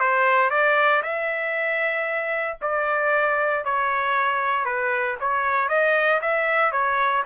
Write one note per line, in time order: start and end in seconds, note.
0.00 0.51 C5
0.51 1.02 D5
1.03 2.58 E5
2.61 3.65 D5
3.65 4.65 C#5
4.65 5.17 B4
5.21 5.69 C#5
5.69 6.21 D#5
6.22 6.72 E5
6.72 7.24 C#5